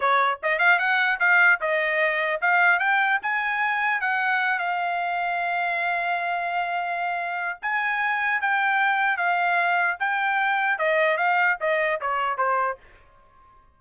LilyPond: \new Staff \with { instrumentName = "trumpet" } { \time 4/4 \tempo 4 = 150 cis''4 dis''8 f''8 fis''4 f''4 | dis''2 f''4 g''4 | gis''2 fis''4. f''8~ | f''1~ |
f''2. gis''4~ | gis''4 g''2 f''4~ | f''4 g''2 dis''4 | f''4 dis''4 cis''4 c''4 | }